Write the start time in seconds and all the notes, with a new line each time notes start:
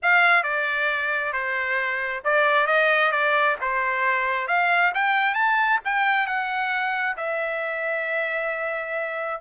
0.02 F5
0.43 D5
1.32 C5
2.24 D5
2.66 D#5
3.11 D5
3.61 C5
4.47 F5
4.94 G5
5.34 A5
5.84 G5
6.26 F#5
7.16 E5